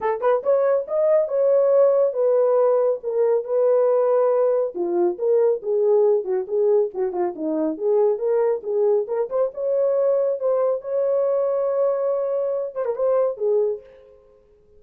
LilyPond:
\new Staff \with { instrumentName = "horn" } { \time 4/4 \tempo 4 = 139 a'8 b'8 cis''4 dis''4 cis''4~ | cis''4 b'2 ais'4 | b'2. f'4 | ais'4 gis'4. fis'8 gis'4 |
fis'8 f'8 dis'4 gis'4 ais'4 | gis'4 ais'8 c''8 cis''2 | c''4 cis''2.~ | cis''4. c''16 ais'16 c''4 gis'4 | }